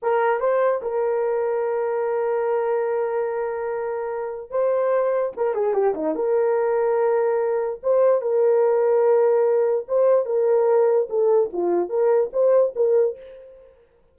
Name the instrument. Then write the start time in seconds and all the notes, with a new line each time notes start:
horn
0.02 A#4
0.40 C5
0.82 A#4
4.50 C5
5.36 A#4
5.54 G#4
5.73 G4
5.94 D#4
6.15 A#4
7.82 C5
8.21 A#4
9.87 C5
10.25 A#4
11.09 A4
11.52 F4
11.89 A#4
12.32 C5
12.75 A#4